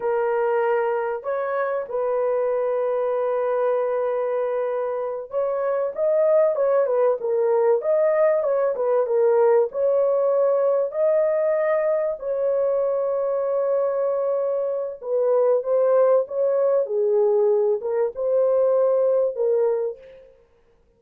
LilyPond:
\new Staff \with { instrumentName = "horn" } { \time 4/4 \tempo 4 = 96 ais'2 cis''4 b'4~ | b'1~ | b'8 cis''4 dis''4 cis''8 b'8 ais'8~ | ais'8 dis''4 cis''8 b'8 ais'4 cis''8~ |
cis''4. dis''2 cis''8~ | cis''1 | b'4 c''4 cis''4 gis'4~ | gis'8 ais'8 c''2 ais'4 | }